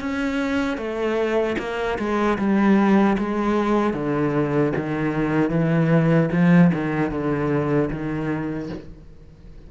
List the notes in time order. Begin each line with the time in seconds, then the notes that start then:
0.00 C#4
0.77 A3
1.58 A#3
1.98 G#3
2.38 G3
3.18 G#3
3.93 D3
4.76 D#3
5.50 E3
6.32 F3
6.74 D#3
7.11 D3
7.90 D#3